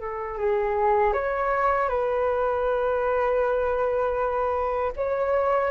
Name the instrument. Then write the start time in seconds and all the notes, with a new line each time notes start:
flute
0.00 A4
0.38 G#4
1.13 C#5
1.88 B4
4.96 C#5